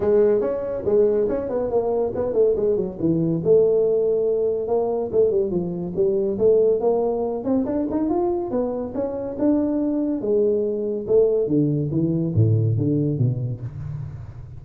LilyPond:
\new Staff \with { instrumentName = "tuba" } { \time 4/4 \tempo 4 = 141 gis4 cis'4 gis4 cis'8 b8 | ais4 b8 a8 gis8 fis8 e4 | a2. ais4 | a8 g8 f4 g4 a4 |
ais4. c'8 d'8 dis'8 f'4 | b4 cis'4 d'2 | gis2 a4 d4 | e4 a,4 d4 b,4 | }